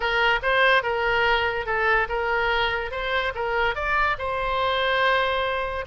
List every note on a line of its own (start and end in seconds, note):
0.00 0.39 A#4
0.42 0.82 C5
0.82 1.66 A#4
1.66 2.07 A4
2.09 2.91 A#4
2.91 3.33 C5
3.34 3.75 A#4
3.75 4.16 D5
4.18 5.85 C5